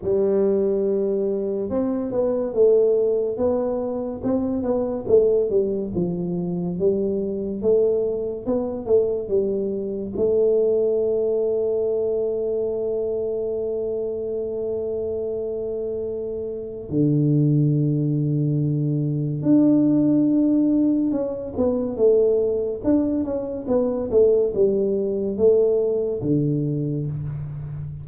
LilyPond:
\new Staff \with { instrumentName = "tuba" } { \time 4/4 \tempo 4 = 71 g2 c'8 b8 a4 | b4 c'8 b8 a8 g8 f4 | g4 a4 b8 a8 g4 | a1~ |
a1 | d2. d'4~ | d'4 cis'8 b8 a4 d'8 cis'8 | b8 a8 g4 a4 d4 | }